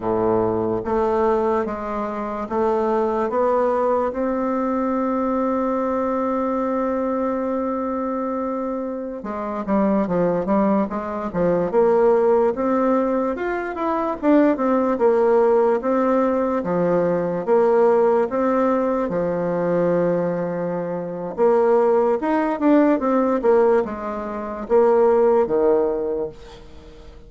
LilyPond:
\new Staff \with { instrumentName = "bassoon" } { \time 4/4 \tempo 4 = 73 a,4 a4 gis4 a4 | b4 c'2.~ | c'2.~ c'16 gis8 g16~ | g16 f8 g8 gis8 f8 ais4 c'8.~ |
c'16 f'8 e'8 d'8 c'8 ais4 c'8.~ | c'16 f4 ais4 c'4 f8.~ | f2 ais4 dis'8 d'8 | c'8 ais8 gis4 ais4 dis4 | }